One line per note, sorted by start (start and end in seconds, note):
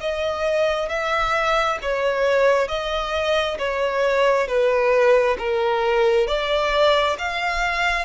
0.00 0.88 D#5
0.88 1.78 E5
1.82 2.67 C#5
2.67 3.57 D#5
3.58 4.47 C#5
4.47 5.36 B4
5.38 6.27 A#4
6.27 7.16 D5
7.18 8.05 F5